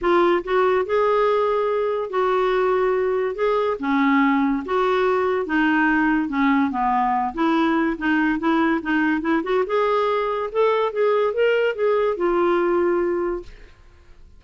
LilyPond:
\new Staff \with { instrumentName = "clarinet" } { \time 4/4 \tempo 4 = 143 f'4 fis'4 gis'2~ | gis'4 fis'2. | gis'4 cis'2 fis'4~ | fis'4 dis'2 cis'4 |
b4. e'4. dis'4 | e'4 dis'4 e'8 fis'8 gis'4~ | gis'4 a'4 gis'4 ais'4 | gis'4 f'2. | }